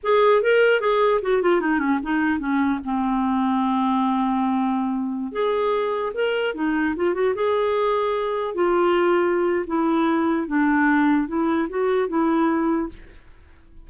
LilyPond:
\new Staff \with { instrumentName = "clarinet" } { \time 4/4 \tempo 4 = 149 gis'4 ais'4 gis'4 fis'8 f'8 | dis'8 cis'8 dis'4 cis'4 c'4~ | c'1~ | c'4~ c'16 gis'2 ais'8.~ |
ais'16 dis'4 f'8 fis'8 gis'4.~ gis'16~ | gis'4~ gis'16 f'2~ f'8. | e'2 d'2 | e'4 fis'4 e'2 | }